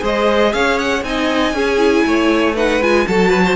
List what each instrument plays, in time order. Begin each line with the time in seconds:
0.00 cello G#3, viola G#4, violin C5 D#5
0.53 cello C#4, violin C#5 F5
0.78 violin F#5
1.03 cello C4, viola D#4, violin D#5 G#5
1.53 cello C#4, viola C#4, violin G#4
1.78 viola E4
2.06 cello A3, violin C#5
2.54 viola D#4, violin B4 F#5
2.80 cello G#3, viola F4, violin G#5
3.07 cello F#3, viola F#4, violin A4 A5
3.29 violin B4
3.45 violin C5